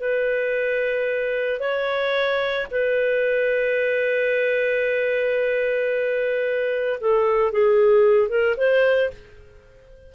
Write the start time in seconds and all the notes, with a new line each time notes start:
0.00 B4
1.59 C#5
2.71 B4
7.00 A4
7.52 G#4
8.29 A#4
8.57 C5